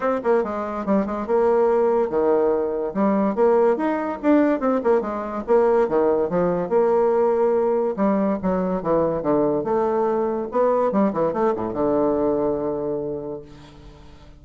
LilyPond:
\new Staff \with { instrumentName = "bassoon" } { \time 4/4 \tempo 4 = 143 c'8 ais8 gis4 g8 gis8 ais4~ | ais4 dis2 g4 | ais4 dis'4 d'4 c'8 ais8 | gis4 ais4 dis4 f4 |
ais2. g4 | fis4 e4 d4 a4~ | a4 b4 g8 e8 a8 a,8 | d1 | }